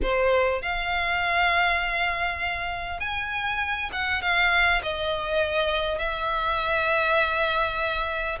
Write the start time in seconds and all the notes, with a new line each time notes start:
0.02 C5
0.62 F5
3.00 G#5
3.92 F#5
4.21 F5
4.82 D#5
5.98 E5